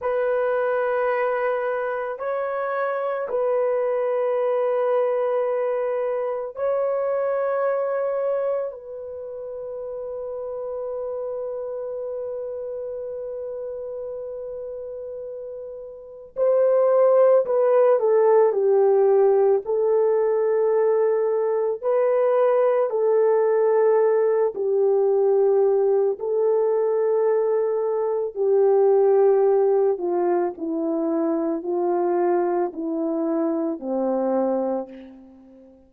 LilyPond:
\new Staff \with { instrumentName = "horn" } { \time 4/4 \tempo 4 = 55 b'2 cis''4 b'4~ | b'2 cis''2 | b'1~ | b'2. c''4 |
b'8 a'8 g'4 a'2 | b'4 a'4. g'4. | a'2 g'4. f'8 | e'4 f'4 e'4 c'4 | }